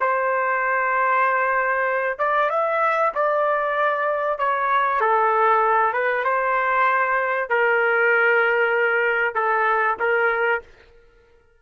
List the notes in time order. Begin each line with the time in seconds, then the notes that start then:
0.00 C5
2.18 D5
2.50 E5
3.14 D5
4.38 C#5
5.00 A4
5.93 B4
6.24 C5
7.49 A#4
9.34 A4
9.99 A#4